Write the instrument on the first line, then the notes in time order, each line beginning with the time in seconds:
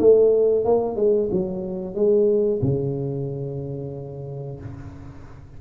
tuba
0.00 A3
0.65 A#3
0.97 G#3
1.32 F#3
1.95 G#3
2.62 C#3